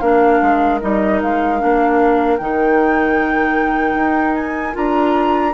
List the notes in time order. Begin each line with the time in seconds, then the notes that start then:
0.00 A#3 D4 A#4 F5
0.42 G#3
0.81 G3 D#4 D#5
1.22 G#3 F5
1.59 A#3 D4
2.38 D#3 D#4 G5
3.94 D#4
4.35 G#5
4.73 D4 F4 A#5